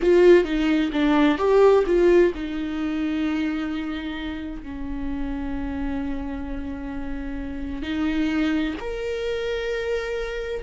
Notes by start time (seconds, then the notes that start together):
0.02 F4
0.44 D#4
0.92 D4
1.38 G4
1.86 F4
2.34 D#4
4.62 C#4
7.82 D#4
8.79 A#4